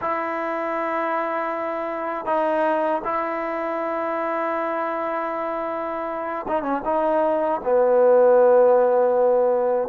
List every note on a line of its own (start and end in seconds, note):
0.01 2.25 E4
2.25 3.01 D#4
3.04 6.46 E4
6.48 6.62 D#4
6.62 6.81 C#4
6.85 7.61 D#4
7.63 9.88 B3